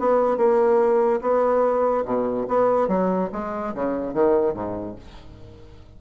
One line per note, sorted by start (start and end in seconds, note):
0.00 0.38 B3
0.38 1.21 A#3
1.21 2.05 B3
2.05 2.47 B2
2.48 2.88 B3
2.88 3.30 F#3
3.33 3.74 G#3
3.75 4.14 C#3
4.14 4.54 D#3
4.54 4.96 G#2